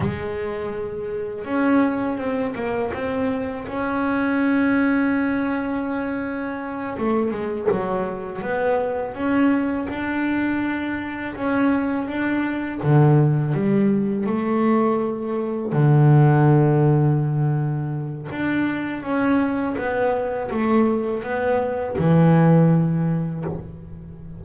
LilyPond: \new Staff \with { instrumentName = "double bass" } { \time 4/4 \tempo 4 = 82 gis2 cis'4 c'8 ais8 | c'4 cis'2.~ | cis'4. a8 gis8 fis4 b8~ | b8 cis'4 d'2 cis'8~ |
cis'8 d'4 d4 g4 a8~ | a4. d2~ d8~ | d4 d'4 cis'4 b4 | a4 b4 e2 | }